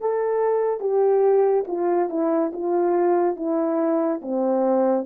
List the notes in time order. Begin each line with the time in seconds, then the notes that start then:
0.00 A4
0.80 G4
1.67 F4
2.09 E4
2.52 F4
3.36 E4
4.21 C4